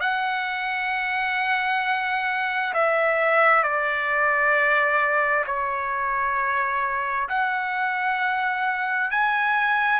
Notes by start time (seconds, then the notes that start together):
0.00 F#5
2.73 E5
3.62 D5
5.46 C#5
7.29 F#5
9.10 G#5